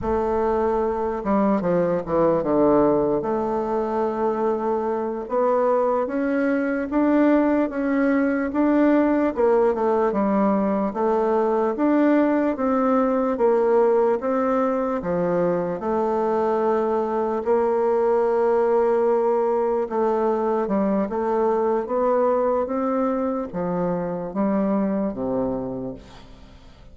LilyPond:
\new Staff \with { instrumentName = "bassoon" } { \time 4/4 \tempo 4 = 74 a4. g8 f8 e8 d4 | a2~ a8 b4 cis'8~ | cis'8 d'4 cis'4 d'4 ais8 | a8 g4 a4 d'4 c'8~ |
c'8 ais4 c'4 f4 a8~ | a4. ais2~ ais8~ | ais8 a4 g8 a4 b4 | c'4 f4 g4 c4 | }